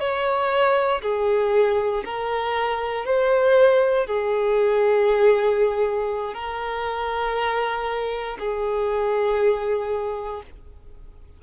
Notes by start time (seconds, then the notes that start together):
0.00 C#5
1.02 G#4
2.05 A#4
3.05 C5
4.07 G#4
6.34 A#4
8.39 G#4